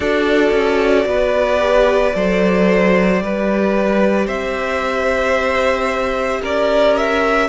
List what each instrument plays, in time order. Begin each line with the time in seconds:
0.00 cello D4, viola F#4, violin A4 D5
0.51 cello C#4
1.05 cello B3, violin B4
1.59 viola G4
2.15 cello F#3, viola A4, violin C5
3.21 cello G3, viola G4, violin B4
4.26 cello C4, violin C5 E5
6.41 cello C#4, violin A#4 D5
6.96 violin E5